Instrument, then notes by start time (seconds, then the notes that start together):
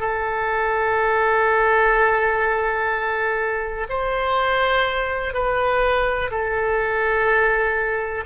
oboe
0.00 A4
3.89 C5
5.34 B4
6.31 A4